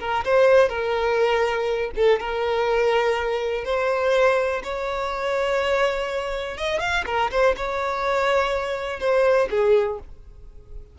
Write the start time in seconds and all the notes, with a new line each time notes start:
0.00 A#4
0.25 C5
0.69 A#4
1.96 A4
2.20 A#4
3.65 C5
4.64 C#5
6.58 D#5
6.80 F5
7.06 A#4
7.31 C5
7.57 C#5
9.00 C5
9.50 G#4